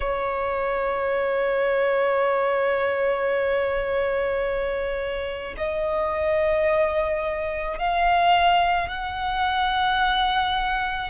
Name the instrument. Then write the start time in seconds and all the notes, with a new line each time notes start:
violin
0.00 C#5
5.57 D#5
7.78 F5
8.88 F#5